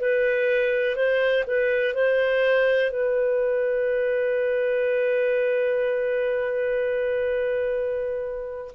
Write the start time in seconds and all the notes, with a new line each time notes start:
0.00 B4
0.96 C5
1.47 B4
1.94 C5
2.91 B4